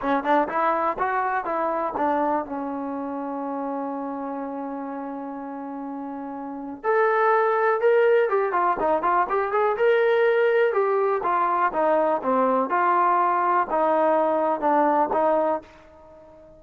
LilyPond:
\new Staff \with { instrumentName = "trombone" } { \time 4/4 \tempo 4 = 123 cis'8 d'8 e'4 fis'4 e'4 | d'4 cis'2.~ | cis'1~ | cis'2 a'2 |
ais'4 g'8 f'8 dis'8 f'8 g'8 gis'8 | ais'2 g'4 f'4 | dis'4 c'4 f'2 | dis'2 d'4 dis'4 | }